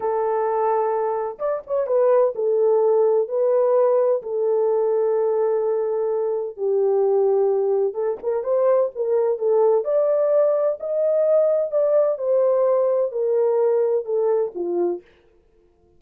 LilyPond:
\new Staff \with { instrumentName = "horn" } { \time 4/4 \tempo 4 = 128 a'2. d''8 cis''8 | b'4 a'2 b'4~ | b'4 a'2.~ | a'2 g'2~ |
g'4 a'8 ais'8 c''4 ais'4 | a'4 d''2 dis''4~ | dis''4 d''4 c''2 | ais'2 a'4 f'4 | }